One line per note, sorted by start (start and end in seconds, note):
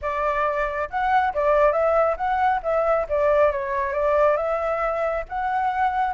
0.01 0.89 D5
0.90 1.33 F#5
1.34 1.72 D5
1.72 2.16 E5
2.16 2.60 F#5
2.62 3.06 E5
3.08 3.51 D5
3.51 3.93 C#5
3.93 4.36 D5
4.36 5.24 E5
5.28 6.14 F#5